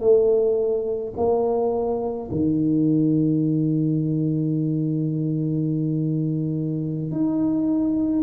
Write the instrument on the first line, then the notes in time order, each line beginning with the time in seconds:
tuba
0.00 A3
1.17 A#3
2.31 D#3
7.12 D#4